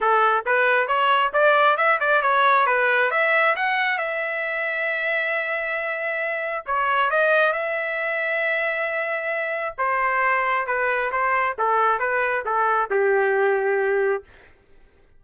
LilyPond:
\new Staff \with { instrumentName = "trumpet" } { \time 4/4 \tempo 4 = 135 a'4 b'4 cis''4 d''4 | e''8 d''8 cis''4 b'4 e''4 | fis''4 e''2.~ | e''2. cis''4 |
dis''4 e''2.~ | e''2 c''2 | b'4 c''4 a'4 b'4 | a'4 g'2. | }